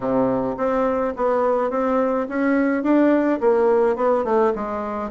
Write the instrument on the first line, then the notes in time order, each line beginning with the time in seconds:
bassoon
0.00 C3
0.57 C4
1.16 B3
1.70 C4
2.28 C#4
2.83 D4
3.40 A#3
3.95 B3
4.24 A3
4.55 G#3